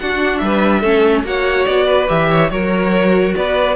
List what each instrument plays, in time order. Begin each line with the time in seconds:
0.00 cello D4, viola D4, violin F#4 F#5
0.38 cello G3, violin B4 E5
0.81 cello A3, viola C#4, violin A4
1.24 cello A#3, viola F#4, violin C#5 F#5
1.66 cello B3, violin D5
1.86 violin B4
2.08 cello E3, viola G4, violin E5
2.31 violin C#5
2.49 cello F#3, viola F#4, violin A#4 C#5
3.36 cello B3, violin B4 D5